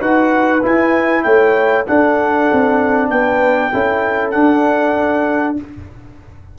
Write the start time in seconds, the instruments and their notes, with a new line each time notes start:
0.00 tuba D#4, trombone F#4, horn B4, trumpet F#5
0.63 trombone E4, tuba E4, trumpet G#5
1.24 tuba A3, horn C#5, trumpet G5
1.87 trombone D4, tuba D4, horn A4, trumpet F#5
2.53 tuba C4
3.10 tuba B3, horn B4, trumpet G5
3.73 tuba C#4, trombone E4, horn A4
4.31 trombone D4, tuba D4, trumpet F#5